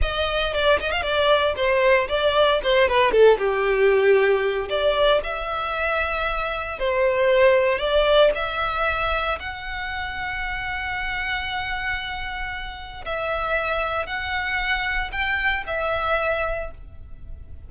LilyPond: \new Staff \with { instrumentName = "violin" } { \time 4/4 \tempo 4 = 115 dis''4 d''8 dis''16 f''16 d''4 c''4 | d''4 c''8 b'8 a'8 g'4.~ | g'4 d''4 e''2~ | e''4 c''2 d''4 |
e''2 fis''2~ | fis''1~ | fis''4 e''2 fis''4~ | fis''4 g''4 e''2 | }